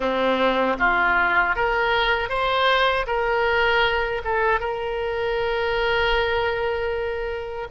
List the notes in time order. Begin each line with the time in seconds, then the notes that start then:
0.00 C4
0.79 F4
1.55 A#4
2.29 C5
3.06 A#4
4.24 A4
4.60 A#4